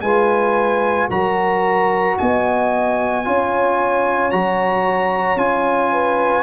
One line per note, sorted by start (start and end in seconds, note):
0.00 1.08 G#3
0.00 1.10 F4
0.00 1.09 B4
0.00 1.07 G#5
1.09 2.17 F#3
1.09 3.24 F#4
1.09 2.16 A#4
1.09 2.17 A#5
2.18 3.26 B3
2.18 3.26 D#5
2.18 4.31 G#5
3.24 4.32 C#4
3.24 4.31 F4
3.24 5.92 C#5
4.31 5.35 F#3
4.31 5.37 F#4
4.31 5.38 A#5
5.35 6.43 C#4
5.35 6.43 F4
5.35 6.43 G#5
5.92 6.43 B4